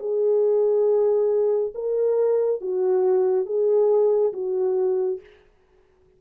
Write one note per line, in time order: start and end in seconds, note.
0.00 1.74 G#4
1.75 2.62 A#4
2.62 3.46 F#4
3.46 4.33 G#4
4.34 5.21 F#4